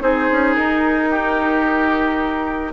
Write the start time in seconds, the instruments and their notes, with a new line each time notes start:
0.00 bassoon C4, clarinet D#4, oboe G#4, flute C5
0.31 bassoon C#4
0.54 bassoon D#4, flute A#4
1.10 oboe G4